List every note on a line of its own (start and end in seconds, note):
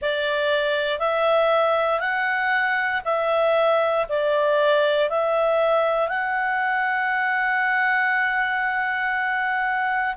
0.01 0.99 D5
0.99 2.00 E5
2.00 3.01 F#5
3.05 4.06 E5
4.08 5.09 D5
5.09 6.08 E5
6.08 10.15 F#5